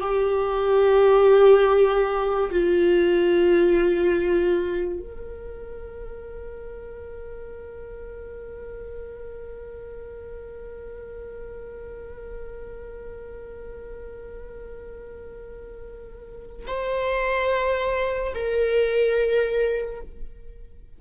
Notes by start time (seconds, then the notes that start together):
0.00 G4
2.51 F4
4.99 A#4
16.67 C5
18.34 A#4